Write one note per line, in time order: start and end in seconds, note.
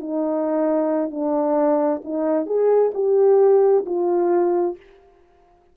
0.00 1.10 D#4
1.10 2.01 D4
2.04 2.46 D#4
2.46 2.92 G#4
2.94 3.85 G4
3.86 4.76 F4